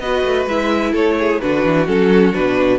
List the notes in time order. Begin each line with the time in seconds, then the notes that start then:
0.00 B3 F#4 B4 D#5
0.24 A3
0.46 G#3 E4 E5
0.91 A3 A4 C#5
1.19 G#4
1.41 D3 D4 F#4 B4
1.65 E3
1.87 F#3 C#4 A4
2.33 B2 D4 B4